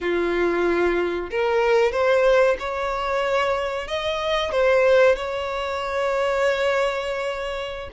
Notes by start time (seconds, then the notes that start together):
0.00 F4
1.30 A#4
1.91 C5
2.59 C#5
3.87 D#5
4.51 C5
5.15 C#5